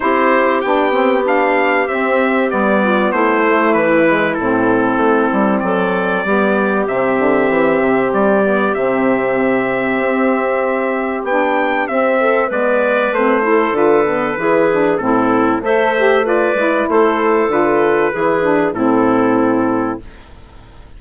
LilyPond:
<<
  \new Staff \with { instrumentName = "trumpet" } { \time 4/4 \tempo 4 = 96 c''4 g''4 f''4 e''4 | d''4 c''4 b'4 a'4~ | a'4 d''2 e''4~ | e''4 d''4 e''2~ |
e''2 g''4 e''4 | d''4 c''4 b'2 | a'4 e''4 d''4 c''4 | b'2 a'2 | }
  \new Staff \with { instrumentName = "clarinet" } { \time 4/4 g'1~ | g'8 f'8 e'2.~ | e'4 a'4 g'2~ | g'1~ |
g'2.~ g'8 a'8 | b'4. a'4. gis'4 | e'4 c''4 b'4 a'4~ | a'4 gis'4 e'2 | }
  \new Staff \with { instrumentName = "saxophone" } { \time 4/4 e'4 d'8 c'8 d'4 c'4 | b4. a4 gis8 c'4~ | c'2 b4 c'4~ | c'4. b8 c'2~ |
c'2 d'4 c'4 | b4 c'8 e'8 f'8 b8 e'8 d'8 | c'4 a'8 g'8 f'8 e'4. | f'4 e'8 d'8 c'2 | }
  \new Staff \with { instrumentName = "bassoon" } { \time 4/4 c'4 b2 c'4 | g4 a4 e4 a,4 | a8 g8 fis4 g4 c8 d8 | e8 c8 g4 c2 |
c'2 b4 c'4 | gis4 a4 d4 e4 | a,4 a4. gis8 a4 | d4 e4 a,2 | }
>>